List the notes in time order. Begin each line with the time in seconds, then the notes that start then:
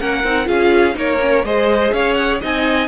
0.00 A#3 C#4 A#4 F#5
0.24 C4 D#4
0.45 C#4 F4 G#4 F5
0.94 A#3 D#4 A#4 C#5
1.21 C#4
1.44 G#3 G#4 C5 D#5
1.93 C#4 C#5 F5
2.14 F#5
2.41 C4 D#4 D#5 G#5